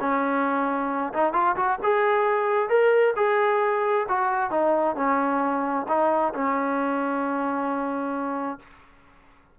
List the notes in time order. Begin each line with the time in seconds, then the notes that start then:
0.00 C#4
1.13 D#4
1.33 F4
1.56 F#4
1.83 G#4
2.69 A#4
3.16 G#4
4.08 F#4
4.51 D#4
4.96 C#4
5.88 D#4
6.34 C#4